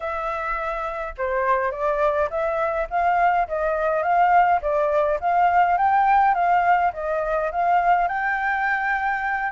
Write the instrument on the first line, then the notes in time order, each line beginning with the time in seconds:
flute
0.00 E5
1.17 C5
1.71 D5
2.29 E5
2.90 F5
3.48 D#5
4.02 F5
4.61 D5
5.20 F5
5.77 G5
6.34 F5
6.93 D#5
7.51 F5
8.08 G5